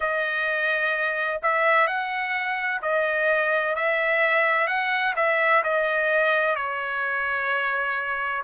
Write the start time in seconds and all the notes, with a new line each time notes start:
0.00 D#5
1.42 E5
1.87 F#5
2.82 D#5
3.75 E5
4.67 F#5
5.16 E5
5.63 D#5
6.55 C#5